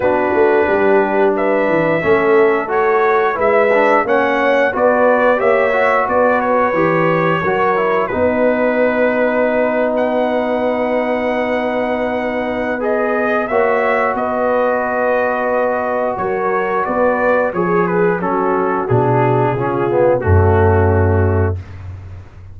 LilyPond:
<<
  \new Staff \with { instrumentName = "trumpet" } { \time 4/4 \tempo 4 = 89 b'2 e''2 | cis''4 e''4 fis''4 d''4 | e''4 d''8 cis''2~ cis''8 | b'2~ b'8. fis''4~ fis''16~ |
fis''2. dis''4 | e''4 dis''2. | cis''4 d''4 cis''8 b'8 a'4 | gis'2 fis'2 | }
  \new Staff \with { instrumentName = "horn" } { \time 4/4 fis'4 g'4 b'4 a'4~ | a'4 b'4 cis''4 b'4 | cis''4 b'2 ais'4 | b'1~ |
b'1 | cis''4 b'2. | ais'4 b'4 gis'4 fis'4~ | fis'4 f'4 cis'2 | }
  \new Staff \with { instrumentName = "trombone" } { \time 4/4 d'2. cis'4 | fis'4 e'8 d'8 cis'4 fis'4 | g'8 fis'4. g'4 fis'8 e'8 | dis'1~ |
dis'2. gis'4 | fis'1~ | fis'2 gis'4 cis'4 | d'4 cis'8 b8 a2 | }
  \new Staff \with { instrumentName = "tuba" } { \time 4/4 b8 a8 g4. e8 a4~ | a4 gis4 ais4 b4 | ais4 b4 e4 fis4 | b1~ |
b1 | ais4 b2. | fis4 b4 f4 fis4 | b,4 cis4 fis,2 | }
>>